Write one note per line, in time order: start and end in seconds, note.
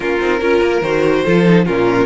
0.00 0.18 A#3
0.00 0.20 C#4
0.00 0.40 F4
0.00 0.81 A#4
0.20 0.41 C4
0.20 0.41 D#4
0.41 0.61 C#4
0.41 0.82 F4
0.41 1.24 A#4
0.61 0.81 A#3
0.81 1.23 D#3
0.81 1.26 F#4
0.81 1.64 C5
1.24 1.67 F3
1.24 1.44 F4
1.24 1.65 A4
1.44 1.65 D#4
1.65 2.06 A#2
1.65 2.06 C#4
1.65 2.06 F4
1.65 2.06 A#4